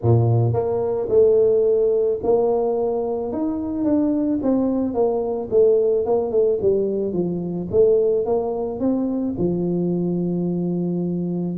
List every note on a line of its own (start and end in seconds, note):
0.02 0.53 A#2
0.53 1.08 A#3
1.09 2.19 A3
2.23 3.32 A#3
3.32 3.84 D#4
3.84 4.39 D4
4.42 4.93 C4
4.93 5.48 A#3
5.50 6.05 A3
6.05 6.31 A#3
6.31 6.58 A3
6.61 7.13 G3
7.13 7.68 F3
7.71 8.25 A3
8.25 8.79 A#3
8.79 9.34 C4
9.38 11.57 F3